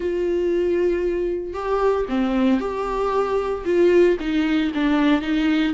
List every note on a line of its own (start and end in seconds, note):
0.00 1.53 F4
1.53 2.05 G4
2.08 2.60 C4
2.60 3.64 G4
3.65 4.17 F4
4.20 4.72 D#4
4.74 5.21 D4
5.21 5.73 D#4